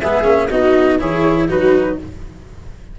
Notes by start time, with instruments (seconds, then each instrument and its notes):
0.00 tuba G#3, cello B3, viola G#4, flute E5
0.24 tuba A#3, cello C#4
0.50 tuba B3, cello D#4, viola F#4, flute D#5
0.99 tuba E3, cello E4, viola G#4, flute C#5
1.48 tuba F#3, cello D#4, viola F#4, flute B4